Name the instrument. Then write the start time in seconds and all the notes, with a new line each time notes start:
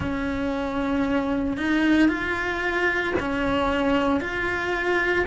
cello
0.00 C#4
1.57 D#4
2.08 F4
3.19 C#4
4.20 F4